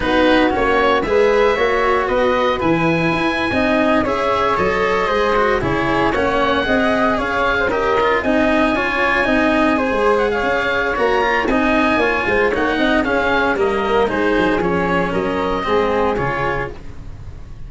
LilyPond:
<<
  \new Staff \with { instrumentName = "oboe" } { \time 4/4 \tempo 4 = 115 b'4 cis''4 e''2 | dis''4 gis''2~ gis''8. e''16~ | e''8. dis''2 cis''4 fis''16~ | fis''4.~ fis''16 f''4 dis''4 gis''16~ |
gis''2.~ gis''8 fis''16 f''16~ | f''4 ais''4 gis''2 | fis''4 f''4 dis''4 c''4 | cis''4 dis''2 cis''4 | }
  \new Staff \with { instrumentName = "flute" } { \time 4/4 fis'2 b'4 cis''4 | b'2~ b'8. dis''4 cis''16~ | cis''4.~ cis''16 c''4 gis'4 cis''16~ | cis''8. dis''4 cis''8. c''16 ais'4 dis''16~ |
dis''8. cis''4 dis''4 c''4 cis''16~ | cis''2 dis''4 cis''8 c''8 | cis''8 dis''8 gis'4 ais'4 gis'4~ | gis'4 ais'4 gis'2 | }
  \new Staff \with { instrumentName = "cello" } { \time 4/4 dis'4 cis'4 gis'4 fis'4~ | fis'4 e'4.~ e'16 dis'4 gis'16~ | gis'8. a'4 gis'8 fis'8 e'4 cis'16~ | cis'8. gis'2 g'8 f'8 dis'16~ |
dis'8. f'4 dis'4 gis'4~ gis'16~ | gis'4 fis'8 f'8 dis'4 f'4 | dis'4 cis'4 ais4 dis'4 | cis'2 c'4 f'4 | }
  \new Staff \with { instrumentName = "tuba" } { \time 4/4 b4 ais4 gis4 ais4 | b4 e4 e'8. c'4 cis'16~ | cis'8. fis4 gis4 cis4 ais16~ | ais8. c'4 cis'2 c'16~ |
c'8. cis'4 c'4~ c'16 gis4 | cis'4 ais4 c'4 ais8 gis8 | ais8 c'8 cis'4 g4 gis8 fis8 | f4 fis4 gis4 cis4 | }
>>